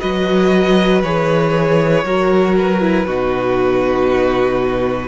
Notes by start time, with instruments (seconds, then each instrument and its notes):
0.00 cello F#3, viola F#4, violin B4 D#5
1.02 cello E3, viola G#4, violin C#5
2.03 cello F#3, viola F#4, violin A#4
2.57 violin B4
2.81 viola E4
3.06 cello B2, viola D#4, violin F#4